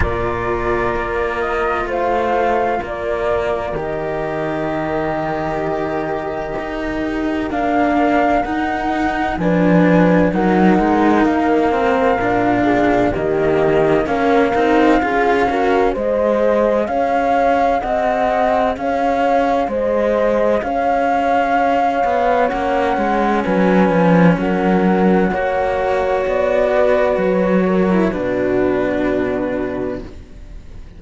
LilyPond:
<<
  \new Staff \with { instrumentName = "flute" } { \time 4/4 \tempo 4 = 64 d''4. dis''8 f''4 d''4 | dis''1 | f''4 fis''4 gis''4 fis''4 | f''2 dis''4 f''4~ |
f''4 dis''4 f''4 fis''4 | f''4 dis''4 f''2 | fis''4 gis''4 fis''2 | d''4 cis''4 b'2 | }
  \new Staff \with { instrumentName = "horn" } { \time 4/4 ais'2 c''4 ais'4~ | ais'1~ | ais'2 b'4 ais'4~ | ais'4. gis'8 g'4 ais'4 |
gis'8 ais'8 c''4 cis''4 dis''4 | cis''4 c''4 cis''2~ | cis''4 b'4 ais'4 cis''4~ | cis''8 b'4 ais'8 fis'2 | }
  \new Staff \with { instrumentName = "cello" } { \time 4/4 f'1 | g'1 | d'4 dis'4 d'4 dis'4~ | dis'8 c'8 d'4 ais4 cis'8 dis'8 |
f'8 fis'8 gis'2.~ | gis'1 | cis'2. fis'4~ | fis'4.~ fis'16 e'16 d'2 | }
  \new Staff \with { instrumentName = "cello" } { \time 4/4 ais,4 ais4 a4 ais4 | dis2. dis'4 | ais4 dis'4 f4 fis8 gis8 | ais4 ais,4 dis4 ais8 c'8 |
cis'4 gis4 cis'4 c'4 | cis'4 gis4 cis'4. b8 | ais8 gis8 fis8 f8 fis4 ais4 | b4 fis4 b,2 | }
>>